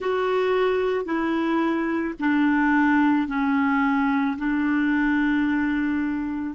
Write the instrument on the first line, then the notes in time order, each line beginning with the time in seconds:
clarinet
0.00 F#4
1.05 E4
2.19 D4
3.27 C#4
4.37 D4